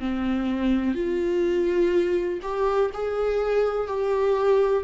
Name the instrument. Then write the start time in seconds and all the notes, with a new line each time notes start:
viola
0.00 C4
0.95 F4
2.42 G4
2.94 G#4
3.87 G4